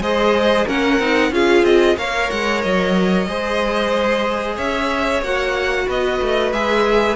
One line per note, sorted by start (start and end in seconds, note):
0.00 0.65 G#3
0.00 0.67 G#4
0.00 0.67 C5
0.00 0.68 D#5
0.67 0.99 A#3
0.67 1.00 C#4
0.67 1.32 A#4
0.67 1.34 F#5
0.99 1.31 C4
0.99 1.32 D#4
1.31 1.63 C#4
1.31 1.97 F4
1.31 1.99 G#4
1.31 1.65 F5
1.63 1.96 C4
1.63 1.97 D#5
1.97 2.30 A#3
1.97 3.28 A#4
1.97 3.29 C#5
1.97 2.31 F5
2.31 2.65 G#3
2.31 2.62 F#5
2.62 3.27 F#3
2.62 4.58 D#5
3.27 4.58 G#3
3.27 5.23 G#4
3.27 4.56 C5
4.56 5.22 C#4
4.56 5.86 C#5
4.56 5.23 E5
5.22 5.87 A#3
5.22 6.54 F#4
5.22 5.90 F#5
5.88 6.21 B3
5.88 7.16 B4
5.88 6.53 D#5
6.22 6.53 A3
6.53 7.16 G#3
6.53 7.16 G#4
6.53 7.16 E5